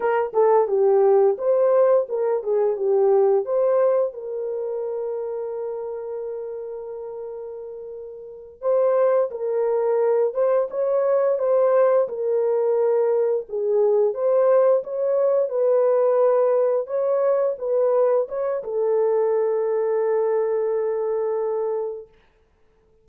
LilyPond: \new Staff \with { instrumentName = "horn" } { \time 4/4 \tempo 4 = 87 ais'8 a'8 g'4 c''4 ais'8 gis'8 | g'4 c''4 ais'2~ | ais'1~ | ais'8 c''4 ais'4. c''8 cis''8~ |
cis''8 c''4 ais'2 gis'8~ | gis'8 c''4 cis''4 b'4.~ | b'8 cis''4 b'4 cis''8 a'4~ | a'1 | }